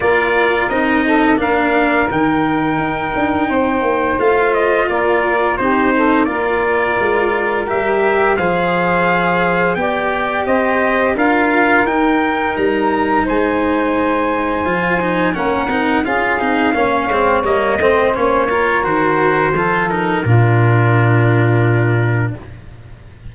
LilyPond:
<<
  \new Staff \with { instrumentName = "trumpet" } { \time 4/4 \tempo 4 = 86 d''4 dis''4 f''4 g''4~ | g''2 f''8 dis''8 d''4 | c''4 d''2 e''4 | f''2 g''4 dis''4 |
f''4 g''4 ais''4 gis''4~ | gis''2 fis''4 f''4~ | f''4 dis''4 cis''4 c''4~ | c''8 ais'2.~ ais'8 | }
  \new Staff \with { instrumentName = "saxophone" } { \time 4/4 ais'4. a'8 ais'2~ | ais'4 c''2 ais'4 | g'8 a'8 ais'2. | c''2 d''4 c''4 |
ais'2. c''4~ | c''2 ais'4 gis'4 | cis''4. c''4 ais'4. | a'4 f'2. | }
  \new Staff \with { instrumentName = "cello" } { \time 4/4 f'4 dis'4 d'4 dis'4~ | dis'2 f'2 | dis'4 f'2 g'4 | gis'2 g'2 |
f'4 dis'2.~ | dis'4 f'8 dis'8 cis'8 dis'8 f'8 dis'8 | cis'8 c'8 ais8 c'8 cis'8 f'8 fis'4 | f'8 dis'8 d'2. | }
  \new Staff \with { instrumentName = "tuba" } { \time 4/4 ais4 c'4 ais4 dis4 | dis'8 d'8 c'8 ais8 a4 ais4 | c'4 ais4 gis4 g4 | f2 b4 c'4 |
d'4 dis'4 g4 gis4~ | gis4 f4 ais8 c'8 cis'8 c'8 | ais8 gis8 g8 a8 ais4 dis4 | f4 ais,2. | }
>>